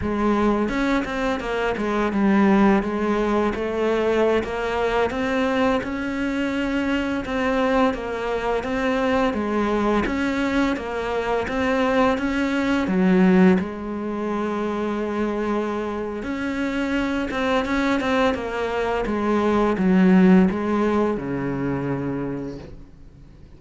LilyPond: \new Staff \with { instrumentName = "cello" } { \time 4/4 \tempo 4 = 85 gis4 cis'8 c'8 ais8 gis8 g4 | gis4 a4~ a16 ais4 c'8.~ | c'16 cis'2 c'4 ais8.~ | ais16 c'4 gis4 cis'4 ais8.~ |
ais16 c'4 cis'4 fis4 gis8.~ | gis2. cis'4~ | cis'8 c'8 cis'8 c'8 ais4 gis4 | fis4 gis4 cis2 | }